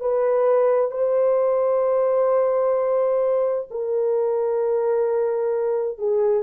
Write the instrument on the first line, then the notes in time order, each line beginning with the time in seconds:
horn
0.00 B4
0.91 C5
3.71 A#4
5.98 G#4